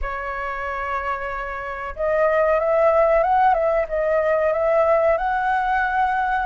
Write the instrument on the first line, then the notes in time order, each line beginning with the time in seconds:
flute
0.01 C#5
1.95 D#5
2.59 E5
3.23 F#5
3.53 E5
3.88 D#5
4.52 E5
5.17 F#5